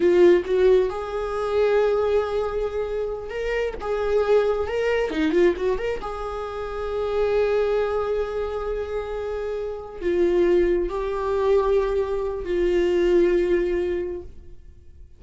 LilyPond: \new Staff \with { instrumentName = "viola" } { \time 4/4 \tempo 4 = 135 f'4 fis'4 gis'2~ | gis'2.~ gis'8 ais'8~ | ais'8 gis'2 ais'4 dis'8 | f'8 fis'8 ais'8 gis'2~ gis'8~ |
gis'1~ | gis'2~ gis'8 f'4.~ | f'8 g'2.~ g'8 | f'1 | }